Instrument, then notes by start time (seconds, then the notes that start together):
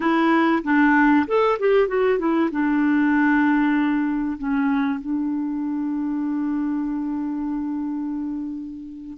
clarinet
0.00 E4
0.63 D4
1.27 A4
1.59 G4
1.88 F#4
2.18 E4
2.51 D4
4.38 C#4
5.00 D4